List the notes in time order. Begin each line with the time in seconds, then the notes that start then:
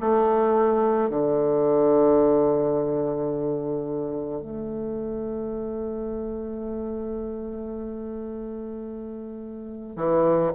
0.00 A3
1.10 D3
4.41 A3
9.96 E3